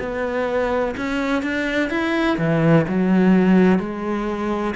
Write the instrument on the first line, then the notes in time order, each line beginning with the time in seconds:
cello
0.00 B3
0.97 C#4
1.43 D4
1.90 E4
2.38 E3
2.89 F#3
3.80 G#3